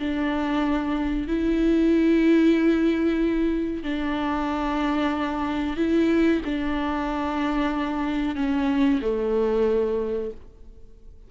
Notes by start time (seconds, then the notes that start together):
0.00 D4
1.28 E4
3.84 D4
5.77 E4
6.45 D4
8.36 C#4
9.02 A3